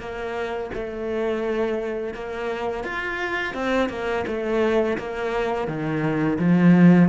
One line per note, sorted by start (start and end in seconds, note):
0.00 0.71 A#3
0.74 2.14 A3
2.14 2.85 A#3
2.85 3.54 F4
3.54 3.90 C4
3.90 4.25 A#3
4.27 4.98 A3
4.98 5.68 A#3
5.68 6.39 D#3
6.39 7.09 F3